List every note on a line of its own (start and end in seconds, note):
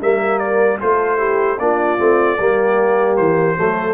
0.00 0.79 G3
0.00 0.79 A#3
0.00 0.79 A#4
0.00 0.38 E5
0.38 0.77 D5
0.80 1.58 A3
0.80 1.17 F4
0.80 1.18 A4
0.80 1.58 C5
1.17 1.57 E4
1.17 1.57 G4
1.58 1.98 A#3
1.58 1.98 D4
1.58 2.38 F4
1.58 3.16 D5
1.98 2.38 A3
1.98 2.37 C4
2.38 3.18 G3
2.38 3.57 A#3
2.38 3.57 G4
3.16 3.57 E3
3.16 3.93 C5
3.57 3.93 F#3
3.57 3.93 A3
3.57 3.93 A4